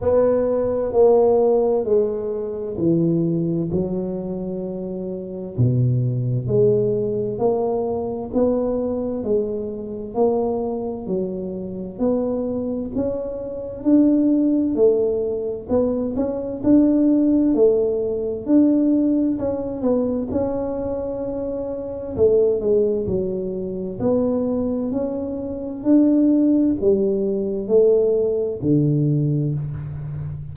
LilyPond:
\new Staff \with { instrumentName = "tuba" } { \time 4/4 \tempo 4 = 65 b4 ais4 gis4 e4 | fis2 b,4 gis4 | ais4 b4 gis4 ais4 | fis4 b4 cis'4 d'4 |
a4 b8 cis'8 d'4 a4 | d'4 cis'8 b8 cis'2 | a8 gis8 fis4 b4 cis'4 | d'4 g4 a4 d4 | }